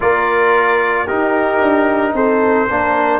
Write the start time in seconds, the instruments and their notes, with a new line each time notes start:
0.00 tuba A#3, trombone F4, horn A#4, trumpet D5
1.05 trombone D#4, tuba D#4, horn G4, trumpet A#4
1.60 tuba D4
2.13 tuba C4, horn A4, trumpet C5
2.68 tuba A#3, trombone D4, horn A#4